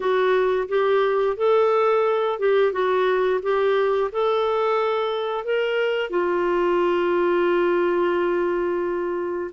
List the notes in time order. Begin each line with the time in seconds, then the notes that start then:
0.00 F#4
0.68 G4
1.36 A4
2.39 G4
2.72 F#4
3.42 G4
4.12 A4
5.44 A#4
6.10 F4